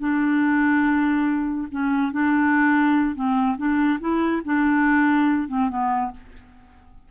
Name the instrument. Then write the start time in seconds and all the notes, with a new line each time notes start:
clarinet
0.00 D4
1.71 C#4
2.12 D4
3.15 C4
3.57 D4
4.01 E4
4.45 D4
5.49 C4
5.69 B3